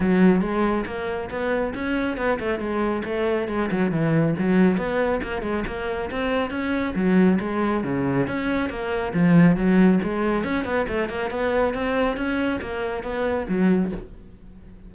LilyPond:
\new Staff \with { instrumentName = "cello" } { \time 4/4 \tempo 4 = 138 fis4 gis4 ais4 b4 | cis'4 b8 a8 gis4 a4 | gis8 fis8 e4 fis4 b4 | ais8 gis8 ais4 c'4 cis'4 |
fis4 gis4 cis4 cis'4 | ais4 f4 fis4 gis4 | cis'8 b8 a8 ais8 b4 c'4 | cis'4 ais4 b4 fis4 | }